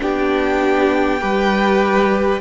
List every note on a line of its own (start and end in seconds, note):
0.00 1.23 B3
0.00 1.20 D4
0.00 1.21 G4
0.00 2.42 G5
1.21 2.42 G3
1.21 2.41 G4
1.21 2.41 B4